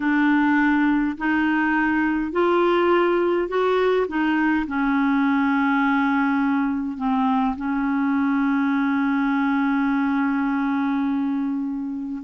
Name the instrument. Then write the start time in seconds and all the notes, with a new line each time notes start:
clarinet
0.00 D4
1.17 D#4
2.32 F4
3.48 F#4
4.08 D#4
4.67 C#4
6.97 C4
7.56 C#4